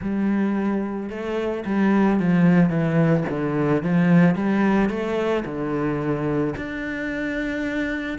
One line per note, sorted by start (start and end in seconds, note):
0.01 1.09 G3
1.09 1.64 A3
1.65 2.19 G3
2.19 2.69 F3
2.69 3.24 E3
3.29 3.82 D3
3.82 4.35 F3
4.35 4.89 G3
4.89 5.43 A3
5.45 6.54 D3
6.56 8.18 D4